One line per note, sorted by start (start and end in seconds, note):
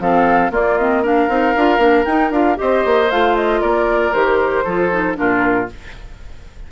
0.00 0.51 F3
0.00 0.51 C4
0.00 0.51 A4
0.00 0.52 F5
0.51 1.28 A#3
0.51 0.77 A#3
0.51 1.02 F4
0.51 0.78 D5
0.78 1.04 C4
0.78 1.04 D#5
1.02 1.29 D4
1.02 2.58 A#4
1.02 2.05 F5
1.29 1.55 C4
1.29 1.55 D#4
1.56 1.78 D4
1.56 1.79 F4
1.78 2.04 A#3
1.78 2.05 D4
2.05 2.31 D#4
2.05 2.32 D#4
2.05 2.31 G5
2.31 2.57 D4
2.31 2.56 F4
2.31 2.59 F5
2.56 2.85 C4
2.56 3.07 G4
2.56 3.61 C5
2.56 3.11 D#5
2.85 3.11 A#3
3.11 3.62 A3
3.11 4.14 F4
3.11 3.36 F5
3.36 3.61 D#5
3.61 4.14 A#3
3.61 4.65 A#4
3.61 4.13 D5
4.13 4.66 D#3
4.13 4.65 G4
4.13 5.17 C5
4.65 5.17 F3
4.65 4.91 F4
4.65 5.16 A4
4.91 5.15 D#4
5.15 5.72 A#2
5.15 5.66 D4
5.15 5.71 F4
5.15 5.69 A#4